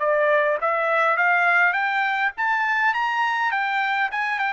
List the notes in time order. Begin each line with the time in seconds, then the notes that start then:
0.00 D5
0.62 E5
1.18 F5
1.73 G5
2.38 A5
2.94 A#5
3.52 G5
4.12 G#5
4.40 G5